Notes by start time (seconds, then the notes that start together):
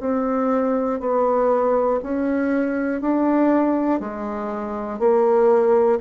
0.00 C4
1.00 B3
2.03 C#4
3.01 D4
4.00 G#3
5.00 A#3